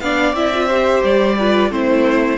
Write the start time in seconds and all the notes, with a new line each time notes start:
0.00 B3 D4 D5 F5
0.33 C4 E4 E5
0.53 F4
0.67 G4 C5
1.03 G3 D5
1.39 F4 B4
1.70 A3 C4 E4 C5